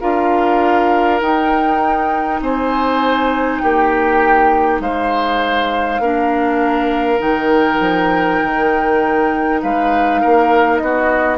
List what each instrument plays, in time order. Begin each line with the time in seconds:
0.00 bassoon D4, clarinet F4, oboe A#4, flute F5
1.21 bassoon D#4, clarinet D#4, flute G5
2.41 bassoon C4, oboe C5, flute G#5
3.59 bassoon A#3, oboe G4, flute G5
4.79 bassoon G#3, oboe C5, flute F5
5.99 bassoon A#3, clarinet D4, oboe A#4
7.18 bassoon D#3, clarinet D#4, flute G5
7.79 bassoon F3
8.43 bassoon D#3
9.62 bassoon G#3, oboe B4, flute F5
10.21 bassoon A#3, oboe A#4
10.78 bassoon B3, oboe F#4, flute D#5